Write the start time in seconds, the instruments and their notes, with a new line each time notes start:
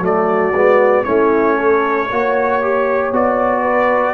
0.00 tuba F#3, trombone A3, horn F#4, trumpet D5
0.52 tuba G#3, trombone B3
1.04 tuba A3, trombone C#4, horn E4, trumpet C#5
1.56 horn A4
2.11 tuba A#3, trombone F#4, horn C#5
2.62 trombone G4
3.12 tuba B3, trombone F#4, trumpet D5
3.62 horn B4